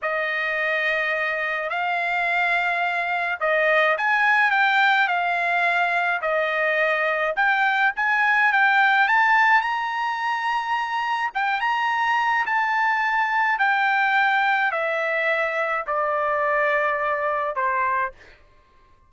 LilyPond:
\new Staff \with { instrumentName = "trumpet" } { \time 4/4 \tempo 4 = 106 dis''2. f''4~ | f''2 dis''4 gis''4 | g''4 f''2 dis''4~ | dis''4 g''4 gis''4 g''4 |
a''4 ais''2. | g''8 ais''4. a''2 | g''2 e''2 | d''2. c''4 | }